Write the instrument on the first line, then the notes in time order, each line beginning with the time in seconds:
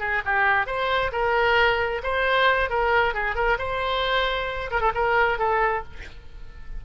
oboe
0.00 G#4
0.25 G4
0.67 C5
1.12 A#4
2.04 C5
2.70 A#4
3.14 G#4
3.36 A#4
3.59 C5
4.71 A#4
4.81 A4
4.95 A#4
5.39 A4